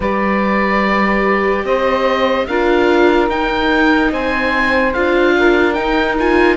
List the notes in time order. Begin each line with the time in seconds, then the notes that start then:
0.00 G3 G4 B4 D5
1.64 C4 C5 D#5
2.47 D4 F4 A#4 F5
3.28 D#4 G5
4.11 C4 C5 G#5
4.93 D4 F4 F5
5.38 A#4
5.73 D#4 G5
6.19 F4 G#5